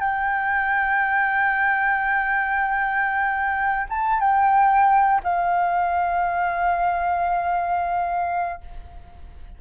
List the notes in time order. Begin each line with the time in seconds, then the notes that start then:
0.00 G5
3.89 A5
4.20 G5
5.24 F5